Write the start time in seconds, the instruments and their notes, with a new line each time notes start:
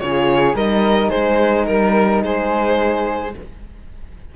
0.00 cello C#3, horn F4, flute G#4, violin C#5
0.54 cello G3, horn D#4, flute A#4, violin D#5
1.10 cello G#3, flute G#4, violin C5
1.66 cello G3, violin A#4, flute A#4
2.24 cello G#3, flute G#4, violin C5